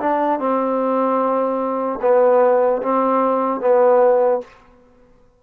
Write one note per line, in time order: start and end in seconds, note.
0.00 0.40 D4
0.40 2.00 C4
2.02 2.82 B3
2.82 3.61 C4
3.61 4.41 B3